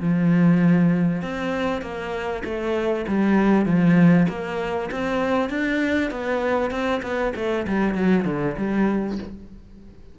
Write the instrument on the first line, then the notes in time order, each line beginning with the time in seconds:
cello
0.00 F3
1.22 C4
1.82 A#3
2.44 A3
3.08 G3
3.65 F3
4.29 A#3
4.91 C4
5.50 D4
6.11 B3
6.71 C4
7.02 B3
7.36 A3
7.67 G3
7.94 F#3
8.25 D3
8.57 G3